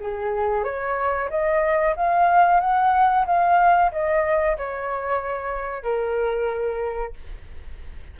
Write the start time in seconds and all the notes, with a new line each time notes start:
0.00 G#4
0.64 C#5
1.30 D#5
1.97 F5
2.61 F#5
3.26 F5
3.92 D#5
4.58 C#5
5.83 A#4